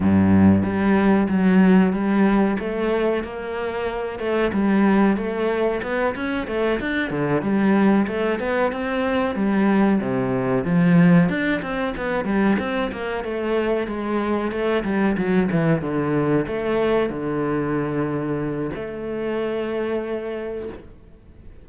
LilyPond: \new Staff \with { instrumentName = "cello" } { \time 4/4 \tempo 4 = 93 g,4 g4 fis4 g4 | a4 ais4. a8 g4 | a4 b8 cis'8 a8 d'8 d8 g8~ | g8 a8 b8 c'4 g4 c8~ |
c8 f4 d'8 c'8 b8 g8 c'8 | ais8 a4 gis4 a8 g8 fis8 | e8 d4 a4 d4.~ | d4 a2. | }